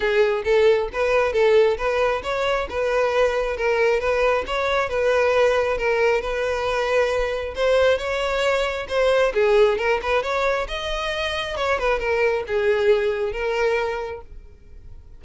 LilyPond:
\new Staff \with { instrumentName = "violin" } { \time 4/4 \tempo 4 = 135 gis'4 a'4 b'4 a'4 | b'4 cis''4 b'2 | ais'4 b'4 cis''4 b'4~ | b'4 ais'4 b'2~ |
b'4 c''4 cis''2 | c''4 gis'4 ais'8 b'8 cis''4 | dis''2 cis''8 b'8 ais'4 | gis'2 ais'2 | }